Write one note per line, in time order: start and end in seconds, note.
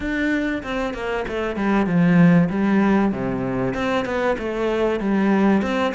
0.00 0.62 D4
0.63 0.93 C4
0.93 1.25 A#3
1.28 1.56 A3
1.56 1.86 G3
1.86 2.48 F3
2.49 3.12 G3
3.12 3.74 C3
3.74 4.05 C4
4.05 4.36 B3
4.38 4.99 A3
4.99 5.62 G3
5.62 5.93 C4